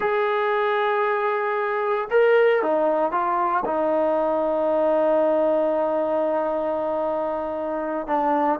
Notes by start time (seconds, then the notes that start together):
0.00 G#4
2.10 A#4
2.62 D#4
3.11 F4
3.65 D#4
8.07 D4